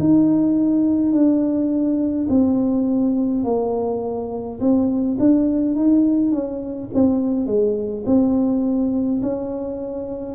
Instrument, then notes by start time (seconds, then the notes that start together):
tuba
0.00 D#4
1.12 D4
2.29 C4
3.44 A#3
4.60 C4
5.19 D4
5.75 D#4
6.32 C#4
6.94 C4
7.47 G#3
8.06 C4
9.23 C#4